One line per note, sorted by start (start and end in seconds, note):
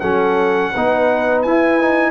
0.00 0.73 F#3
0.00 0.74 C#4
0.00 0.71 A4
0.00 1.41 F#5
0.72 1.46 B3
0.72 1.46 D#4
0.72 2.11 B4
1.42 2.11 E4
1.42 1.81 E4
1.42 2.11 G#5
1.81 2.11 D#4